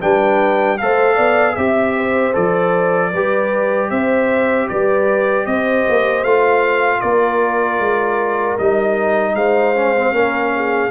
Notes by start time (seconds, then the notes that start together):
0.00 G3 D4 B4 G5
0.78 A3 A4 C5 F5
1.15 B3 D5
1.55 C4 G4 E5
1.96 C5
2.33 F3 A4 D5
3.11 G3 G4 B4
3.90 C4 C5 E5
4.68 G3 B4 D5
5.46 C4 C5 D#5
5.89 A#3
6.24 A3 F4 F5
6.99 A#3 A#4 D5
7.79 G#3
8.58 G3 D#4 D#5
9.34 G#3 C5 F5
9.75 C#4
9.95 C4
10.12 A#3 C#4 A#4
10.55 G#4